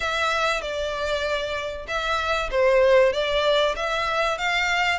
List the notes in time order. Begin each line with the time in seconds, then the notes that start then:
0.00 E5
0.61 D5
1.87 E5
2.50 C5
3.12 D5
3.76 E5
4.38 F5